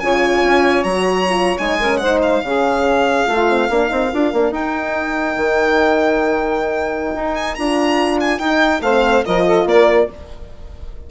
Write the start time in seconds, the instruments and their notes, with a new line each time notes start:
0.00 bassoon C#3, horn F4, saxophone C#5, violin G#5
0.44 bassoon C#4
0.84 bassoon F#3, horn F#4, violin A#5
1.29 horn F4
1.59 bassoon G#3, horn D#4, violin G#5
1.80 horn C#4, saxophone A#4
1.98 horn D#4, saxophone C5, violin F#5
2.23 violin F5
2.43 bassoon C#3, horn C#4, saxophone G#4
3.26 bassoon A3, horn F4, saxophone F4
3.49 horn C4
3.70 bassoon A#3, horn D4, saxophone A#4
3.88 bassoon C4, horn D#4
4.13 bassoon D4, horn F4
4.34 bassoon A#3, horn D4
4.51 bassoon D#4, horn D#4, violin G5
5.37 bassoon D#3
7.15 bassoon D#4
7.35 violin G#5
7.55 bassoon D4, horn F4, violin A#5
8.21 violin G#5
8.39 bassoon D#4, horn D#4, violin G5
8.81 bassoon A3, horn C4, saxophone C5, violin F5
9.26 bassoon F3, horn F4, saxophone A#4, violin D#5
9.46 saxophone A4
9.65 bassoon A#3, saxophone A#4, violin D5